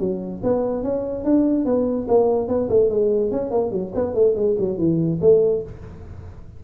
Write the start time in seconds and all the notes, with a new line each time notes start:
0.00 F#3
0.43 B3
0.83 C#4
1.25 D4
1.65 B3
2.08 A#3
2.48 B3
2.69 A3
2.90 G#3
3.31 C#4
3.51 A#3
3.72 F#3
3.95 B3
4.15 A3
4.35 G#3
4.59 F#3
4.78 E3
5.21 A3